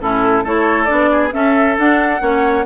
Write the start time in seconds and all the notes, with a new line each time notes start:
0.00 A2 C#4 E4 A4
0.44 A3 E4 A4 C#5
0.84 D4 D5
0.91 B3
1.12 G#4
1.32 C#4 A4 E5
1.78 D4 F#5
2.21 A#3 C#4 C#5